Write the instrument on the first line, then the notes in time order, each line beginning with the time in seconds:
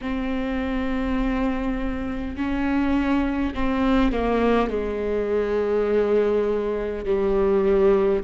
viola
0.01 C4
2.36 C#4
3.54 C4
4.12 A#3
4.69 G#3
7.05 G3